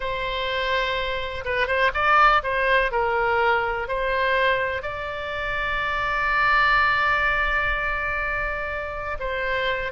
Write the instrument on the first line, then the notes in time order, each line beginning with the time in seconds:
oboe
0.00 C5
1.44 B4
1.67 C5
1.94 D5
2.43 C5
2.91 A#4
3.88 C5
4.82 D5
9.19 C5